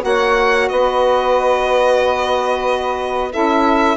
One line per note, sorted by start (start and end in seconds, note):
0.00 0.69 A#3
0.00 3.30 F#4
0.00 0.69 C#5
0.00 0.68 F#5
0.68 3.34 B3
0.68 3.32 B4
0.68 3.32 D#5
3.30 3.96 C#4
3.30 3.96 E4
3.30 3.96 A4
3.30 3.96 E5